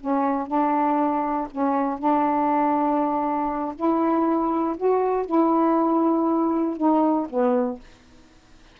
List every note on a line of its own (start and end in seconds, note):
0.00 0.47 C#4
0.47 1.47 D4
1.51 1.98 C#4
1.98 3.75 D4
3.75 4.76 E4
4.77 5.26 F#4
5.26 6.77 E4
6.77 7.27 D#4
7.29 7.79 B3